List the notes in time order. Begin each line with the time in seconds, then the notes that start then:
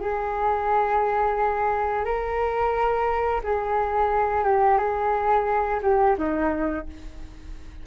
0.00 G#4
2.05 A#4
3.43 G#4
4.44 G4
4.78 G#4
5.82 G4
6.18 D#4